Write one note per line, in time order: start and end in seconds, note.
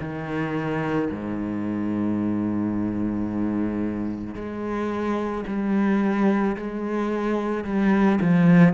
0.00 1.09 D#3
1.11 4.35 G#2
4.35 5.44 G#3
5.47 6.56 G3
6.57 7.65 G#3
7.65 8.19 G3
8.21 8.74 F3